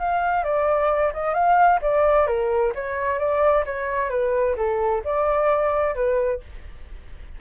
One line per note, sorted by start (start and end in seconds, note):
0.00 0.44 F5
0.44 1.13 D5
1.14 1.34 D#5
1.34 1.80 F5
1.82 2.28 D5
2.28 2.73 A#4
2.75 3.19 C#5
3.19 3.65 D5
3.66 4.10 C#5
4.10 4.56 B4
4.57 5.03 A4
5.05 5.95 D5
5.95 6.41 B4